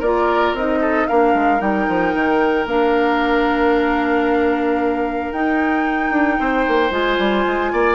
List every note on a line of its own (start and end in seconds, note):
0.00 0.54 A#3
0.00 0.58 F4
0.00 0.80 A#4
0.00 0.55 D5
0.54 1.07 C4
0.54 1.11 D#4
0.54 1.08 D#5
0.81 1.08 A4
1.08 1.34 A#3
1.08 1.59 D4
1.08 6.40 A#4
1.08 1.61 F5
1.34 1.61 G#3
1.59 1.87 G3
1.59 2.65 D#4
1.59 2.67 G5
1.89 2.15 F3
2.15 2.66 D#3
2.66 5.31 A#3
2.66 5.35 D4
2.66 5.33 F5
5.32 6.11 D#4
5.32 6.92 D#4
5.32 6.92 G5
6.11 6.37 D4
6.40 6.67 C4
6.40 7.73 C5
6.68 6.91 A#3
6.91 7.17 G#3
6.91 7.96 F4
6.91 7.96 G#5
7.19 7.45 G3
7.46 7.73 G#3
7.73 7.96 A#3
7.73 7.96 D5